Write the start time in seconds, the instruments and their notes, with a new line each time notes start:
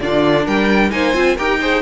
0.00 cello D3, viola D4, violin F4 D5
0.45 cello G3, violin A#4 G5
0.91 cello A#3, viola D#4, violin C5 G#5
1.14 cello C4, viola F4
1.36 cello D#4, viola G4, violin A#4 G5
1.61 viola G#4, violin C5